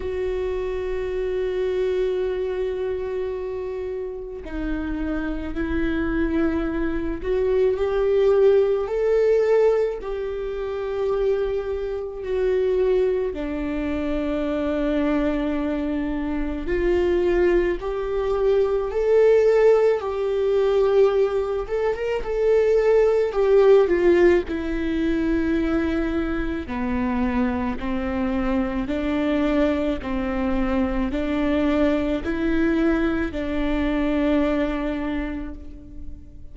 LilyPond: \new Staff \with { instrumentName = "viola" } { \time 4/4 \tempo 4 = 54 fis'1 | dis'4 e'4. fis'8 g'4 | a'4 g'2 fis'4 | d'2. f'4 |
g'4 a'4 g'4. a'16 ais'16 | a'4 g'8 f'8 e'2 | b4 c'4 d'4 c'4 | d'4 e'4 d'2 | }